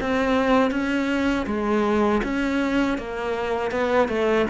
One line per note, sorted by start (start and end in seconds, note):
0.00 0.71 C4
0.71 1.46 C#4
1.46 2.21 G#3
2.23 2.98 C#4
2.98 3.71 A#3
3.71 4.08 B3
4.08 4.46 A3